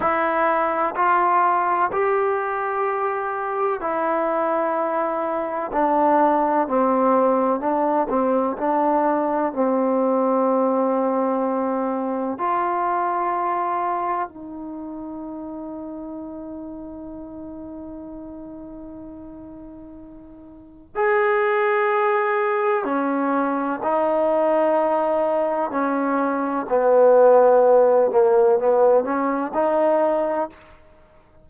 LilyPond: \new Staff \with { instrumentName = "trombone" } { \time 4/4 \tempo 4 = 63 e'4 f'4 g'2 | e'2 d'4 c'4 | d'8 c'8 d'4 c'2~ | c'4 f'2 dis'4~ |
dis'1~ | dis'2 gis'2 | cis'4 dis'2 cis'4 | b4. ais8 b8 cis'8 dis'4 | }